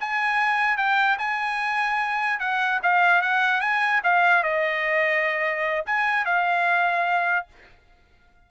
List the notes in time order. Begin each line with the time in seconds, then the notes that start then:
0.00 G#5
0.77 G5
1.18 G#5
2.40 F#5
2.83 F5
3.21 F#5
3.61 G#5
4.03 F5
4.43 D#5
5.86 G#5
6.25 F5